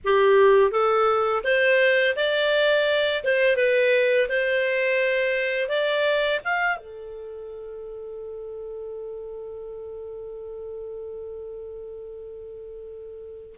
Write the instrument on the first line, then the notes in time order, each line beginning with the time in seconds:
clarinet
0.04 G4
0.71 A4
1.44 C5
2.16 D5
3.23 C5
3.56 B4
4.28 C5
5.68 D5
6.44 F5
6.77 A4